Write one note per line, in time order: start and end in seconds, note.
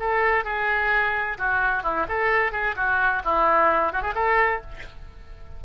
0.00 0.45 A4
0.45 1.38 G#4
1.38 1.83 F#4
1.83 2.07 E4
2.08 2.52 A4
2.52 2.75 G#4
2.76 3.23 F#4
3.25 3.93 E4
3.93 4.02 F#4
4.02 4.14 G#4
4.15 4.62 A4